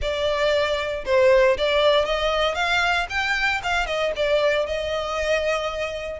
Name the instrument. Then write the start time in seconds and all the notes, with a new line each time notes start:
violin
0.01 D5
1.05 C5
1.57 D5
2.05 D#5
2.55 F5
3.09 G5
3.63 F5
3.86 D#5
4.16 D5
4.66 D#5